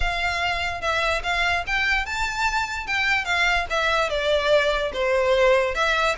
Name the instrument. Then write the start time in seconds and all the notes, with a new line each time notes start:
violin
0.00 F5
0.81 E5
1.23 F5
1.66 G5
2.05 A5
2.87 G5
3.25 F5
3.69 E5
4.09 D5
4.93 C5
5.74 E5